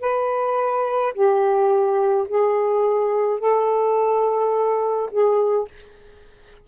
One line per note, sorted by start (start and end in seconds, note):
0.00 1.13 B4
1.14 2.27 G4
2.28 3.40 G#4
3.40 5.09 A4
5.11 5.68 G#4